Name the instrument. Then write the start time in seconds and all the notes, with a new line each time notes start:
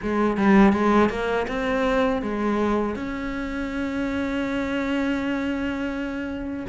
cello
0.02 G#3
0.37 G3
0.72 G#3
1.09 A#3
1.47 C4
2.22 G#3
2.95 C#4